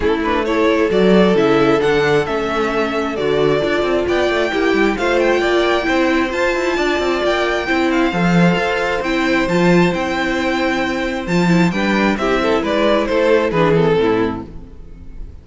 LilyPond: <<
  \new Staff \with { instrumentName = "violin" } { \time 4/4 \tempo 4 = 133 a'8 b'8 cis''4 d''4 e''4 | fis''4 e''2 d''4~ | d''4 g''2 f''8 g''8~ | g''2 a''2 |
g''4. f''2~ f''8 | g''4 a''4 g''2~ | g''4 a''4 g''4 e''4 | d''4 c''4 b'8 a'4. | }
  \new Staff \with { instrumentName = "violin" } { \time 4/4 e'4 a'2.~ | a'1~ | a'4 d''4 g'4 c''4 | d''4 c''2 d''4~ |
d''4 c''2.~ | c''1~ | c''2 b'4 g'8 a'8 | b'4 a'4 gis'4 e'4 | }
  \new Staff \with { instrumentName = "viola" } { \time 4/4 cis'8 d'8 e'4 fis'4 e'4 | d'4 cis'2 fis'4 | f'2 e'4 f'4~ | f'4 e'4 f'2~ |
f'4 e'4 a'2 | e'4 f'4 e'2~ | e'4 f'8 e'8 d'4 e'4~ | e'2 d'8 c'4. | }
  \new Staff \with { instrumentName = "cello" } { \time 4/4 a2 fis4 cis4 | d4 a2 d4 | d'8 c'8 b8 a8 ais8 g8 a4 | ais4 c'4 f'8 e'8 d'8 c'8 |
ais4 c'4 f4 f'4 | c'4 f4 c'2~ | c'4 f4 g4 c'4 | gis4 a4 e4 a,4 | }
>>